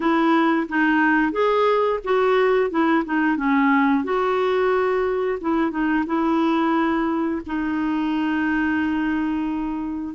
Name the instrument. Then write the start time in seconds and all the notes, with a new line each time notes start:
clarinet
0.00 E4
0.68 D#4
1.31 G#4
2.04 F#4
2.70 E4
3.04 D#4
3.36 C#4
4.04 F#4
5.41 E4
5.70 D#4
6.06 E4
7.46 D#4